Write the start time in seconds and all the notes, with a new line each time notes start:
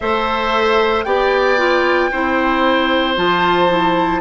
0.00 A3 A4 C5 E5
1.03 B3 G4 D5 G5
1.57 F4
2.11 C4 E4 C5
3.16 F3 F4 A5
3.68 E4